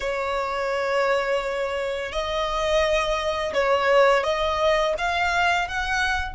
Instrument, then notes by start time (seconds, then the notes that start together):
violin
0.00 C#5
2.11 D#5
3.53 C#5
4.24 D#5
4.98 F5
5.68 F#5